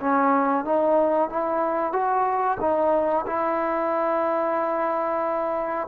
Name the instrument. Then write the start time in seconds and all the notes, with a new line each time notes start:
trombone
0.00 C#4
0.64 D#4
1.30 E4
1.93 F#4
2.60 D#4
3.26 E4